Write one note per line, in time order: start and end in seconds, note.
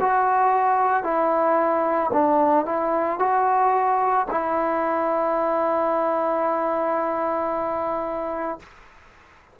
0.00 1.03 F#4
1.03 2.10 E4
2.12 2.65 D4
2.65 3.19 E4
3.19 4.26 F#4
4.31 8.59 E4